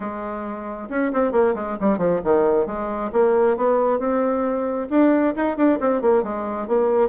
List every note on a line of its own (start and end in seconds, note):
0.00 0.88 G#3
0.89 1.12 C#4
1.13 1.32 C4
1.32 1.54 A#3
1.54 1.77 G#3
1.80 1.98 G3
1.98 2.20 F3
2.24 2.66 D#3
2.66 3.10 G#3
3.12 3.56 A#3
3.57 3.99 B3
3.99 4.88 C4
4.90 5.34 D4
5.36 5.56 D#4
5.56 5.79 D4
5.80 6.01 C4
6.01 6.23 A#3
6.23 6.67 G#3
6.67 7.09 A#3